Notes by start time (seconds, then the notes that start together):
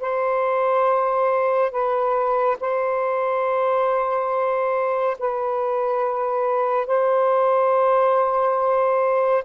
0.00 C5
1.71 B4
2.59 C5
5.19 B4
6.86 C5